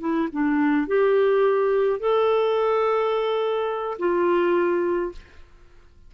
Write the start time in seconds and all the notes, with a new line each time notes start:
0.00 E4
0.32 D4
0.87 G4
2.00 A4
3.99 F4